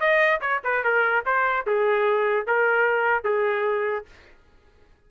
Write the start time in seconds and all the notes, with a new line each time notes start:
0.00 D#5
0.41 C#5
0.64 B4
0.84 A#4
1.25 C5
1.66 G#4
2.47 A#4
3.24 G#4